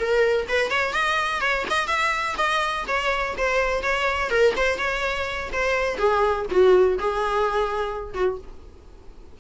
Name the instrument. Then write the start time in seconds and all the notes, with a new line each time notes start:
viola
0.00 A#4
0.49 B4
0.71 C#5
0.94 D#5
1.41 C#5
1.70 D#5
1.88 E5
2.38 D#5
2.88 C#5
3.38 C5
3.83 C#5
4.31 A#4
4.57 C5
4.78 C#5
5.53 C5
5.98 G#4
6.51 F#4
6.99 G#4
8.15 F#4